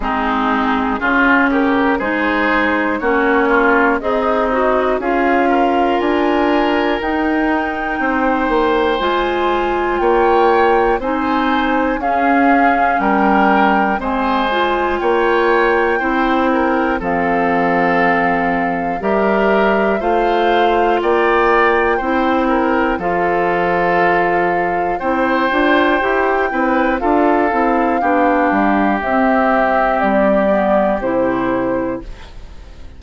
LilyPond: <<
  \new Staff \with { instrumentName = "flute" } { \time 4/4 \tempo 4 = 60 gis'4. ais'8 c''4 cis''4 | dis''4 f''4 gis''4 g''4~ | g''4 gis''4 g''4 gis''4 | f''4 g''4 gis''4 g''4~ |
g''4 f''2 e''4 | f''4 g''2 f''4~ | f''4 g''2 f''4~ | f''4 e''4 d''4 c''4 | }
  \new Staff \with { instrumentName = "oboe" } { \time 4/4 dis'4 f'8 g'8 gis'4 fis'8 f'8 | dis'4 gis'8 ais'2~ ais'8 | c''2 cis''4 c''4 | gis'4 ais'4 c''4 cis''4 |
c''8 ais'8 a'2 ais'4 | c''4 d''4 c''8 ais'8 a'4~ | a'4 c''4. b'8 a'4 | g'1 | }
  \new Staff \with { instrumentName = "clarinet" } { \time 4/4 c'4 cis'4 dis'4 cis'4 | gis'8 fis'8 f'2 dis'4~ | dis'4 f'2 dis'4 | cis'2 c'8 f'4. |
e'4 c'2 g'4 | f'2 e'4 f'4~ | f'4 e'8 f'8 g'8 e'8 f'8 e'8 | d'4 c'4. b8 e'4 | }
  \new Staff \with { instrumentName = "bassoon" } { \time 4/4 gis4 cis4 gis4 ais4 | c'4 cis'4 d'4 dis'4 | c'8 ais8 gis4 ais4 c'4 | cis'4 g4 gis4 ais4 |
c'4 f2 g4 | a4 ais4 c'4 f4~ | f4 c'8 d'8 e'8 c'8 d'8 c'8 | b8 g8 c'4 g4 c4 | }
>>